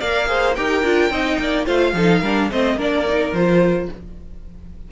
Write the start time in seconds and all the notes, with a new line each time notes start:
0.00 A#3 A#4 D5 F5
0.27 G#4 C5
0.55 D#4 G4 A#4 G5
0.83 D4 F4
1.10 C4 D#4 D#5
1.39 A#3 D5
1.66 A3 F4 C5 F5
1.94 F3 D#4 A4
2.21 G3 D4 A#4
2.51 A3 C4 C5 D#5
2.75 A#3 D4 A#4
2.81 D5
3.07 D#4
3.33 F3 F4 C5